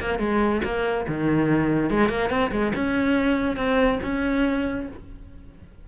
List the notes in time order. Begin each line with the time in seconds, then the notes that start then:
0.00 A#3
0.19 G#3
0.64 A#3
1.07 D#3
1.90 G#3
2.09 A#3
2.30 C4
2.51 G#3
2.75 C#4
3.56 C4
4.03 C#4